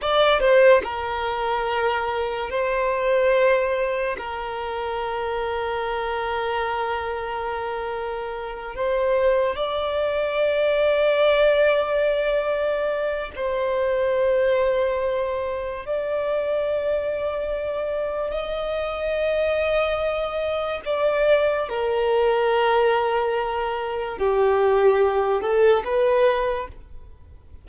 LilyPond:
\new Staff \with { instrumentName = "violin" } { \time 4/4 \tempo 4 = 72 d''8 c''8 ais'2 c''4~ | c''4 ais'2.~ | ais'2~ ais'8 c''4 d''8~ | d''1 |
c''2. d''4~ | d''2 dis''2~ | dis''4 d''4 ais'2~ | ais'4 g'4. a'8 b'4 | }